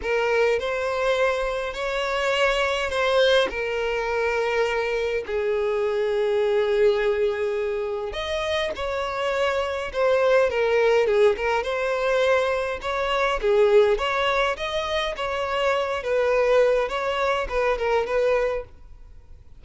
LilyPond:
\new Staff \with { instrumentName = "violin" } { \time 4/4 \tempo 4 = 103 ais'4 c''2 cis''4~ | cis''4 c''4 ais'2~ | ais'4 gis'2.~ | gis'2 dis''4 cis''4~ |
cis''4 c''4 ais'4 gis'8 ais'8 | c''2 cis''4 gis'4 | cis''4 dis''4 cis''4. b'8~ | b'4 cis''4 b'8 ais'8 b'4 | }